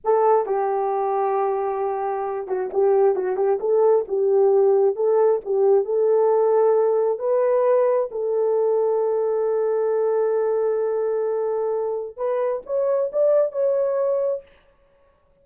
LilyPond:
\new Staff \with { instrumentName = "horn" } { \time 4/4 \tempo 4 = 133 a'4 g'2.~ | g'4. fis'8 g'4 fis'8 g'8 | a'4 g'2 a'4 | g'4 a'2. |
b'2 a'2~ | a'1~ | a'2. b'4 | cis''4 d''4 cis''2 | }